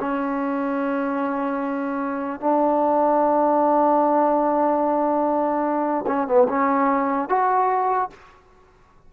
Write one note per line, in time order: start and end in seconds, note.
0.00 2.40 C#4
2.40 6.05 D4
6.07 6.27 C#4
6.27 6.48 B3
6.49 7.29 C#4
7.29 8.10 F#4